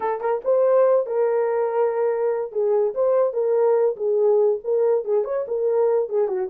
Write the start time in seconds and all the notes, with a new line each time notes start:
0.00 A4
0.21 A#4
0.44 C5
1.06 A#4
2.52 G#4
2.94 C5
3.33 A#4
3.96 G#4
4.64 A#4
5.04 G#4
5.24 C#5
5.47 A#4
6.09 G#4
6.27 F#4